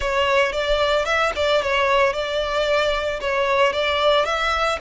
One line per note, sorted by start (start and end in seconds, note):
0.00 0.52 C#5
0.52 1.05 D5
1.05 1.32 E5
1.35 1.62 D5
1.62 2.13 C#5
2.13 3.20 D5
3.20 3.72 C#5
3.72 4.25 D5
4.25 4.78 E5